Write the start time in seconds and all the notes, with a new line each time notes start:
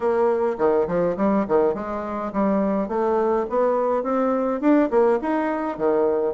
0.00 A#3
0.58 D#3
0.87 F3
1.17 G3
1.48 D#3
1.74 G#3
2.32 G3
2.88 A3
3.49 B3
4.03 C4
4.60 D4
4.90 A#3
5.21 D#4
5.77 D#3